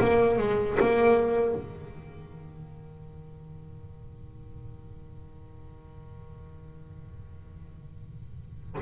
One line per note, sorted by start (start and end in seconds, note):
0.00 0.39 A#3
0.39 0.79 G#3
0.80 1.55 A#3
1.55 8.75 D#3